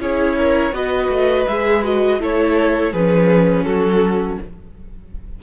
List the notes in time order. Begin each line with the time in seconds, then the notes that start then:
0.00 C#4 E4 G#4 C#5
0.38 A#4
0.71 B3 F#4 B4 D#5
1.09 A3
1.47 G#3 G#4 E5
1.84 F#4 D#5
2.20 A3 E4 A4 C#5
2.92 F3 C#4 G#4 B4
3.64 F#3 F#4 A4